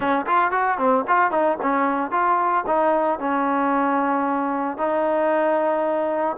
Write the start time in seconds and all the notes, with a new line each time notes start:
0.00 C#4
0.26 F4
0.51 F#4
0.78 C4
1.07 F4
1.31 D#4
1.62 C#4
2.11 F4
2.66 D#4
3.19 C#4
4.77 D#4